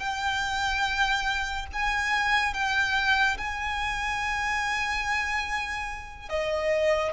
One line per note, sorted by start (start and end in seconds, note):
0.00 1.67 G5
1.73 2.54 G#5
2.54 3.37 G5
3.38 6.30 G#5
6.30 7.12 D#5